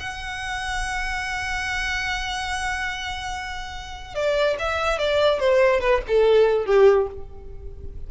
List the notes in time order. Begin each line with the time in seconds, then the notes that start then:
0.00 F#5
4.15 D5
4.59 E5
4.99 D5
5.40 C5
5.80 B4
6.08 A4
6.66 G4